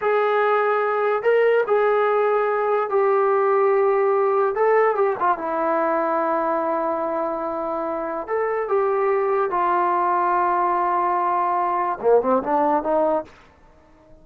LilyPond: \new Staff \with { instrumentName = "trombone" } { \time 4/4 \tempo 4 = 145 gis'2. ais'4 | gis'2. g'4~ | g'2. a'4 | g'8 f'8 e'2.~ |
e'1 | a'4 g'2 f'4~ | f'1~ | f'4 ais8 c'8 d'4 dis'4 | }